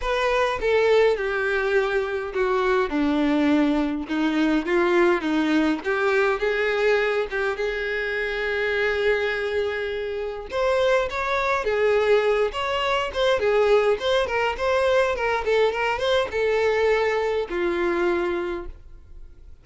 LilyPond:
\new Staff \with { instrumentName = "violin" } { \time 4/4 \tempo 4 = 103 b'4 a'4 g'2 | fis'4 d'2 dis'4 | f'4 dis'4 g'4 gis'4~ | gis'8 g'8 gis'2.~ |
gis'2 c''4 cis''4 | gis'4. cis''4 c''8 gis'4 | c''8 ais'8 c''4 ais'8 a'8 ais'8 c''8 | a'2 f'2 | }